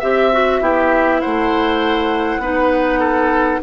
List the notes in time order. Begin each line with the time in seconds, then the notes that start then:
0.00 C4 G4 E5
0.33 F#4
0.61 B3 E4 G4
1.21 A3 C5 F#5
2.38 B3 D#4 B4
3.00 A4